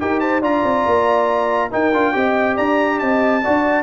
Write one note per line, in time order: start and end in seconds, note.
0.00 0.42 D#4
0.00 0.42 G4
0.00 0.21 A#4
0.00 0.20 G5
0.20 0.41 C5
0.20 0.41 A5
0.41 0.63 D4
0.41 1.71 F4
0.41 1.70 D5
0.41 1.72 A#5
0.63 0.85 C4
0.86 1.72 A#3
1.71 1.92 D#4
1.71 1.93 D#4
1.71 2.14 A#4
1.71 2.57 G5
1.93 2.14 D4
1.93 2.13 F4
2.13 2.58 C4
2.13 3.42 G4
2.13 2.56 D#5
2.56 3.01 D4
2.56 2.98 D5
2.56 2.99 A#5
2.99 3.44 C4
2.99 3.42 D#5
2.99 3.83 A5
3.42 3.83 D4
3.42 3.83 F#4
3.42 3.83 D5